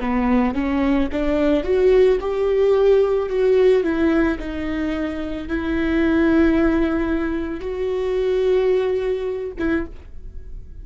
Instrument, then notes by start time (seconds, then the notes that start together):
viola
0.00 B3
0.54 C#4
1.12 D4
1.64 F#4
2.20 G4
3.29 F#4
3.83 E4
4.39 D#4
5.48 E4
7.61 F#4
9.59 E4